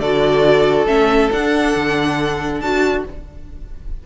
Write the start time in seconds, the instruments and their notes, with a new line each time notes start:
0.00 cello D3, viola F#4, violin A4 D5
0.87 cello A3, viola C#4, violin E5
1.32 cello D4, viola D4, violin F#5
1.76 cello D3
2.61 cello D4, viola F#4, violin A5